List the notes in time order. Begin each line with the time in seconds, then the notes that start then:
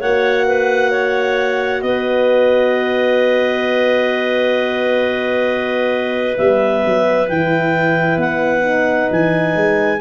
0.00 A#3 F#4 C#5 F#5
0.46 B4
0.91 C#5
1.82 B3 B4 D#5
6.37 G3 B3 E5
6.85 F#3
7.28 E3 E4 G5
8.17 B3 F#5
8.61 D#4
9.11 E3 G#5
9.55 G#3